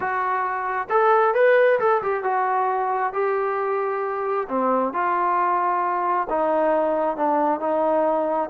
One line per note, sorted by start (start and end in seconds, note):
0.00 0.88 F#4
0.89 1.34 A4
1.34 1.79 B4
1.79 2.01 A4
2.02 2.23 G4
2.23 3.13 F#4
3.13 4.47 G4
4.48 4.93 C4
4.93 6.27 F4
6.29 7.16 D#4
7.16 7.60 D4
7.60 8.49 D#4